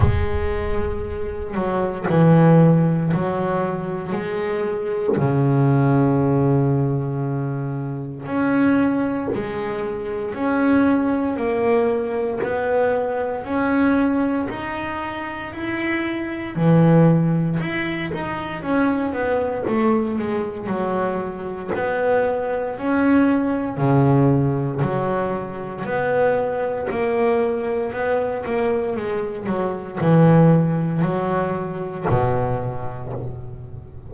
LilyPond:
\new Staff \with { instrumentName = "double bass" } { \time 4/4 \tempo 4 = 58 gis4. fis8 e4 fis4 | gis4 cis2. | cis'4 gis4 cis'4 ais4 | b4 cis'4 dis'4 e'4 |
e4 e'8 dis'8 cis'8 b8 a8 gis8 | fis4 b4 cis'4 cis4 | fis4 b4 ais4 b8 ais8 | gis8 fis8 e4 fis4 b,4 | }